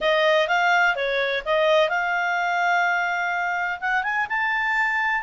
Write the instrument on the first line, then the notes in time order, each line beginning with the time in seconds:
clarinet
0.00 D#5
0.48 F5
0.95 C#5
1.45 D#5
1.89 F5
3.80 F#5
4.03 G#5
4.29 A5